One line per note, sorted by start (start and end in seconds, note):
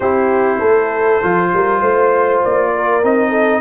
0.00 0.60 C4
0.00 1.22 E4
0.00 0.58 G4
0.00 2.42 C5
0.58 1.21 A3
0.58 1.49 A4
1.22 1.53 F3
1.22 3.03 F4
1.53 1.81 G3
1.53 1.79 A#4
1.79 2.42 A3
1.79 2.70 C5
2.44 3.03 A#3
2.44 3.04 D5
2.74 3.29 A#4
3.03 3.60 C4
3.03 3.60 D#4
3.03 3.60 D#5
3.29 3.59 A4